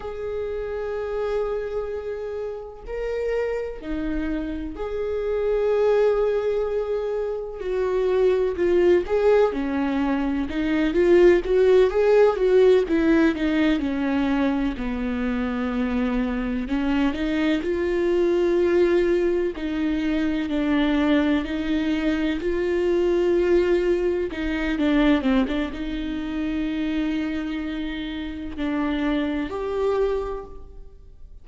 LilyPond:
\new Staff \with { instrumentName = "viola" } { \time 4/4 \tempo 4 = 63 gis'2. ais'4 | dis'4 gis'2. | fis'4 f'8 gis'8 cis'4 dis'8 f'8 | fis'8 gis'8 fis'8 e'8 dis'8 cis'4 b8~ |
b4. cis'8 dis'8 f'4.~ | f'8 dis'4 d'4 dis'4 f'8~ | f'4. dis'8 d'8 c'16 d'16 dis'4~ | dis'2 d'4 g'4 | }